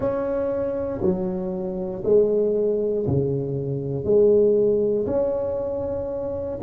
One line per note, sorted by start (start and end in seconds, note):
0.00 1.00 C#4
1.01 2.03 F#3
2.04 3.06 G#3
3.06 4.04 C#3
4.04 5.06 G#3
5.06 6.58 C#4